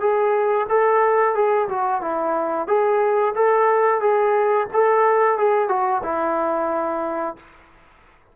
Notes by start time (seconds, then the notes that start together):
0.00 G#4
0.69 A4
1.35 G#4
1.69 F#4
2.02 E4
2.68 G#4
3.35 A4
4.01 G#4
4.73 A4
5.38 G#4
5.68 F#4
6.03 E4